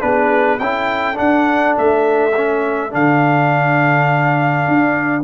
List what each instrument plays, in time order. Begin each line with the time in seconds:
0.00 tuba B3, trombone D4, horn G#4, trumpet B4
0.59 tuba C#4, trombone E4, horn A4, trumpet G5
1.14 trombone D4, tuba D4, trumpet F#5
1.77 tuba A3, trumpet E5
2.37 trombone C#4
2.90 tuba D3, trombone D4, trumpet F5
4.67 tuba D4